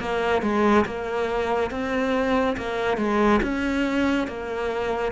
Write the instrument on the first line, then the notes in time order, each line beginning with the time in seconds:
cello
0.00 A#3
0.42 G#3
0.86 A#3
1.71 C4
2.58 A#3
2.98 G#3
3.43 C#4
4.28 A#3